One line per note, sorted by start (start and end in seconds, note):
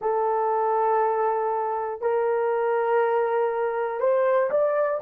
0.01 2.00 A4
2.00 4.00 A#4
4.00 4.50 C5
4.50 5.00 D5